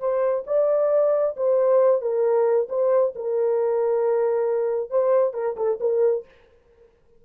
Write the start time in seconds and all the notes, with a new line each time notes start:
0.00 C5
0.47 D5
1.37 C5
2.02 A#4
2.69 C5
3.16 A#4
4.90 C5
5.34 A#4
5.57 A4
5.81 A#4